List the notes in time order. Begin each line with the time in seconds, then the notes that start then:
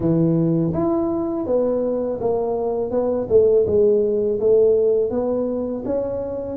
0.00 E3
0.73 E4
1.46 B3
2.21 A#3
2.90 B3
3.29 A3
3.66 G#3
4.40 A3
5.10 B3
5.85 C#4